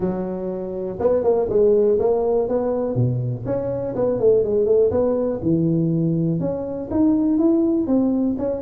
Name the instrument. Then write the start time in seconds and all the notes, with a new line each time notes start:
tuba
0.00 F#3
0.99 B3
1.23 A#3
1.49 G#3
1.99 A#3
2.48 B3
2.95 B2
3.45 C#4
3.95 B3
4.19 A3
4.44 G#3
4.65 A3
4.90 B3
5.42 E3
6.40 C#4
6.91 D#4
7.38 E4
7.86 C4
8.38 C#4